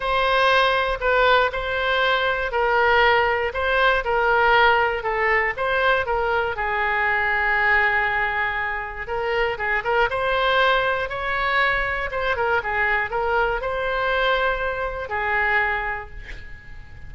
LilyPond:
\new Staff \with { instrumentName = "oboe" } { \time 4/4 \tempo 4 = 119 c''2 b'4 c''4~ | c''4 ais'2 c''4 | ais'2 a'4 c''4 | ais'4 gis'2.~ |
gis'2 ais'4 gis'8 ais'8 | c''2 cis''2 | c''8 ais'8 gis'4 ais'4 c''4~ | c''2 gis'2 | }